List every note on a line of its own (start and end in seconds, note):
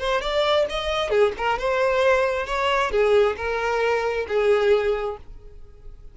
0.00 0.21 C5
0.21 0.66 D5
0.70 1.10 D#5
1.10 1.33 G#4
1.38 1.59 A#4
1.59 2.47 C5
2.47 2.91 C#5
2.91 3.36 G#4
3.37 4.27 A#4
4.28 5.18 G#4